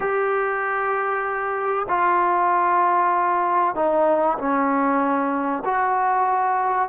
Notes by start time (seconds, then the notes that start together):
0.00 G4
1.88 F4
3.75 D#4
4.38 C#4
5.64 F#4